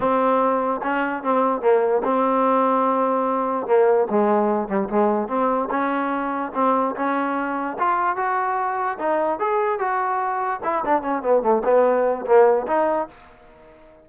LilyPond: \new Staff \with { instrumentName = "trombone" } { \time 4/4 \tempo 4 = 147 c'2 cis'4 c'4 | ais4 c'2.~ | c'4 ais4 gis4. g8 | gis4 c'4 cis'2 |
c'4 cis'2 f'4 | fis'2 dis'4 gis'4 | fis'2 e'8 d'8 cis'8 b8 | a8 b4. ais4 dis'4 | }